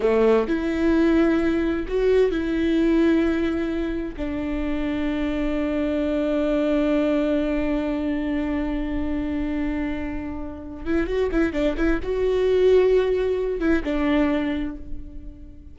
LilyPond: \new Staff \with { instrumentName = "viola" } { \time 4/4 \tempo 4 = 130 a4 e'2. | fis'4 e'2.~ | e'4 d'2.~ | d'1~ |
d'1~ | d'2.~ d'8 e'8 | fis'8 e'8 d'8 e'8 fis'2~ | fis'4. e'8 d'2 | }